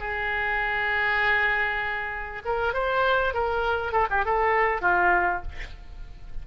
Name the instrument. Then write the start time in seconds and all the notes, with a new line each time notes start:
oboe
0.00 G#4
2.45 A#4
2.74 C5
3.34 A#4
3.92 A4
4.10 G4
4.25 A4
4.82 F4